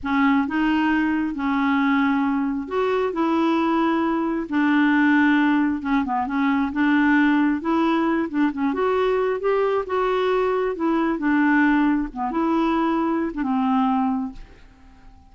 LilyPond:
\new Staff \with { instrumentName = "clarinet" } { \time 4/4 \tempo 4 = 134 cis'4 dis'2 cis'4~ | cis'2 fis'4 e'4~ | e'2 d'2~ | d'4 cis'8 b8 cis'4 d'4~ |
d'4 e'4. d'8 cis'8 fis'8~ | fis'4 g'4 fis'2 | e'4 d'2 b8 e'8~ | e'4.~ e'16 d'16 c'2 | }